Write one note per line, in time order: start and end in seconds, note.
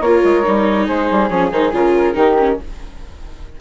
0.00 0.21 A#3
0.00 0.43 F4
0.00 0.86 A#4
0.00 0.87 C#5
0.24 0.45 G#3
0.43 0.89 G3
0.43 1.29 D#4
0.86 1.10 G#3
0.86 2.15 G#4
0.86 1.28 C5
1.11 1.30 G3
1.28 1.51 F3
1.28 1.52 C#4
1.28 1.50 C#5
1.52 1.72 D#3
1.52 1.72 D#4
1.52 1.73 C5
1.72 2.15 C#3
1.72 2.14 F4
1.72 2.61 A#4
2.14 2.59 D#3
2.14 2.35 D#4
2.14 2.58 G4
2.39 2.60 C#4